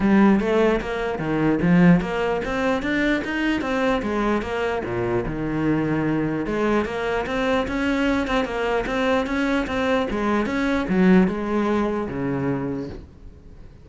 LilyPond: \new Staff \with { instrumentName = "cello" } { \time 4/4 \tempo 4 = 149 g4 a4 ais4 dis4 | f4 ais4 c'4 d'4 | dis'4 c'4 gis4 ais4 | ais,4 dis2. |
gis4 ais4 c'4 cis'4~ | cis'8 c'8 ais4 c'4 cis'4 | c'4 gis4 cis'4 fis4 | gis2 cis2 | }